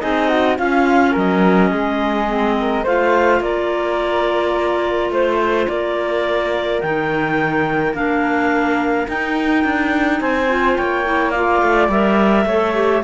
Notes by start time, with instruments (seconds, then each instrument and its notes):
0.00 cello C4, clarinet D#4 D#5, flute G#4
0.28 flute F#4
0.58 cello C#4, clarinet C#4 F5, flute F4
1.12 cello F#3, flute A#4, clarinet D#5
1.71 cello G#3, flute G#4
2.28 clarinet C4
2.60 flute A#4
2.84 cello A3, clarinet F4 F5, flute C5
3.40 cello A#3, flute A#4, clarinet D5
5.10 cello A3, flute C5, clarinet C5
5.68 cello A#3, flute A#4, clarinet D5
6.81 cello D#3, clarinet D#4 G5
7.93 cello A#3, clarinet D4 F5
9.08 cello D#4, clarinet D#4 G5
9.64 cello D4
10.20 cello C4, flute C5, clarinet G#5
10.49 clarinet F4
10.76 cello A#3, flute C#5, clarinet G5
11.05 clarinet E4
11.30 clarinet F4 F5, flute D5
11.62 cello A3
11.88 cello G3, clarinet A#4 E5
12.45 cello A3, clarinet A4, flute C#5
12.74 clarinet G4